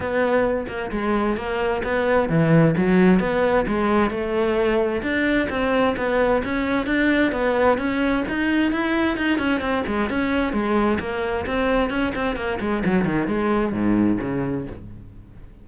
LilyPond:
\new Staff \with { instrumentName = "cello" } { \time 4/4 \tempo 4 = 131 b4. ais8 gis4 ais4 | b4 e4 fis4 b4 | gis4 a2 d'4 | c'4 b4 cis'4 d'4 |
b4 cis'4 dis'4 e'4 | dis'8 cis'8 c'8 gis8 cis'4 gis4 | ais4 c'4 cis'8 c'8 ais8 gis8 | fis8 dis8 gis4 gis,4 cis4 | }